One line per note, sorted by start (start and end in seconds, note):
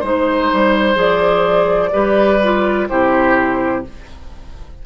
0.00 0.50 G#3
0.00 0.95 D#4
0.00 1.90 C5
0.00 0.99 C5
0.53 0.96 G3
0.95 1.91 F3
0.95 1.90 G#4
0.95 2.88 D5
1.92 2.89 G3
1.92 2.40 G4
1.92 2.88 B4
2.43 2.89 F4
2.88 3.86 C3
2.88 3.85 E4
2.88 3.85 G4
2.88 3.84 C5